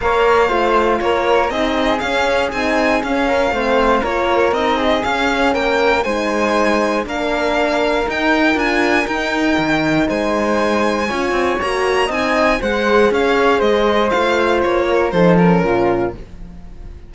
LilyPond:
<<
  \new Staff \with { instrumentName = "violin" } { \time 4/4 \tempo 4 = 119 f''2 cis''4 dis''4 | f''4 gis''4 f''2 | cis''4 dis''4 f''4 g''4 | gis''2 f''2 |
g''4 gis''4 g''2 | gis''2. ais''4 | gis''4 fis''4 f''4 dis''4 | f''4 cis''4 c''8 ais'4. | }
  \new Staff \with { instrumentName = "flute" } { \time 4/4 cis''4 c''4 ais'4 gis'4~ | gis'2~ gis'8 ais'8 c''4 | ais'4. gis'4. ais'4 | c''2 ais'2~ |
ais'1 | c''2 cis''2 | dis''4 c''4 cis''4 c''4~ | c''4. ais'8 a'4 f'4 | }
  \new Staff \with { instrumentName = "horn" } { \time 4/4 ais'4 f'2 dis'4 | cis'4 dis'4 cis'4 c'4 | f'4 dis'4 cis'2 | dis'2 d'2 |
dis'4 f'4 dis'2~ | dis'2 f'4 fis'4 | dis'4 gis'2. | f'2 dis'8 cis'4. | }
  \new Staff \with { instrumentName = "cello" } { \time 4/4 ais4 a4 ais4 c'4 | cis'4 c'4 cis'4 a4 | ais4 c'4 cis'4 ais4 | gis2 ais2 |
dis'4 d'4 dis'4 dis4 | gis2 cis'8 c'8 ais4 | c'4 gis4 cis'4 gis4 | a4 ais4 f4 ais,4 | }
>>